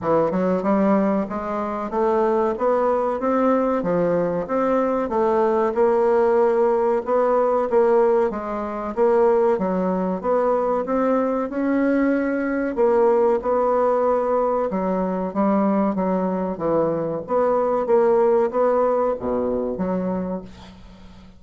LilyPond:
\new Staff \with { instrumentName = "bassoon" } { \time 4/4 \tempo 4 = 94 e8 fis8 g4 gis4 a4 | b4 c'4 f4 c'4 | a4 ais2 b4 | ais4 gis4 ais4 fis4 |
b4 c'4 cis'2 | ais4 b2 fis4 | g4 fis4 e4 b4 | ais4 b4 b,4 fis4 | }